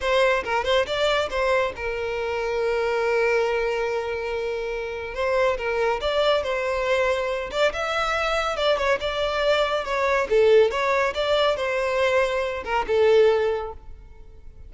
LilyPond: \new Staff \with { instrumentName = "violin" } { \time 4/4 \tempo 4 = 140 c''4 ais'8 c''8 d''4 c''4 | ais'1~ | ais'1 | c''4 ais'4 d''4 c''4~ |
c''4. d''8 e''2 | d''8 cis''8 d''2 cis''4 | a'4 cis''4 d''4 c''4~ | c''4. ais'8 a'2 | }